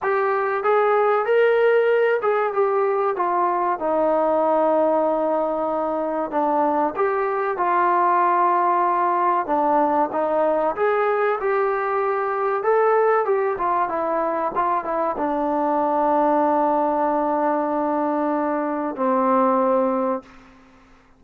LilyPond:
\new Staff \with { instrumentName = "trombone" } { \time 4/4 \tempo 4 = 95 g'4 gis'4 ais'4. gis'8 | g'4 f'4 dis'2~ | dis'2 d'4 g'4 | f'2. d'4 |
dis'4 gis'4 g'2 | a'4 g'8 f'8 e'4 f'8 e'8 | d'1~ | d'2 c'2 | }